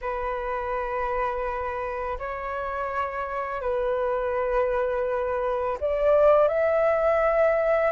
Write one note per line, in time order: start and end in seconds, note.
0.01 2.18 B4
2.19 3.61 C#5
3.61 5.78 B4
5.80 6.48 D5
6.48 7.92 E5